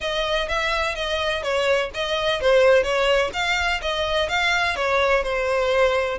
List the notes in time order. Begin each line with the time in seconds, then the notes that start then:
0.00 D#5
0.48 E5
0.95 D#5
1.42 C#5
1.94 D#5
2.40 C5
2.83 C#5
3.33 F5
3.81 D#5
4.29 F5
4.76 C#5
5.23 C5